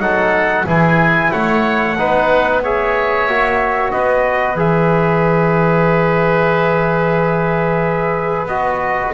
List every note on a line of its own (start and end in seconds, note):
0.00 0.65 F#3
0.00 0.65 D#4
0.00 0.66 A4
0.00 0.66 F#5
0.66 1.32 E3
0.66 1.96 E4
0.66 1.32 G#4
0.66 1.32 G#5
1.32 1.99 A3
1.32 1.98 C#5
1.32 2.62 F#5
1.98 3.28 B3
1.98 2.64 D#4
1.98 2.63 B4
2.63 3.30 G#4
2.63 3.93 C#5
2.63 3.92 E5
3.28 3.93 A#3
3.28 4.57 F#4
3.92 4.55 B3
3.92 9.14 B4
3.92 4.57 D#5
4.55 8.47 E3
4.55 8.48 G#4
4.55 8.49 E5
8.47 9.12 B3
8.47 9.14 F#4
8.47 9.14 D#5